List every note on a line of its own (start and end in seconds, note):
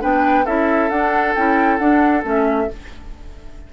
0.00 0.46 B3
0.00 0.44 D4
0.00 0.45 B4
0.00 0.46 G5
0.45 0.90 C#4
0.45 0.90 E4
0.45 2.67 A4
0.45 0.90 E5
0.90 1.35 D4
0.90 1.36 D4
0.90 1.34 F#5
1.35 1.79 C#4
1.35 1.79 E4
1.35 1.78 G5
1.78 2.24 D4
1.78 2.23 D4
1.78 2.22 F#5
2.23 2.68 A3
2.23 2.67 C#4
2.23 2.73 E5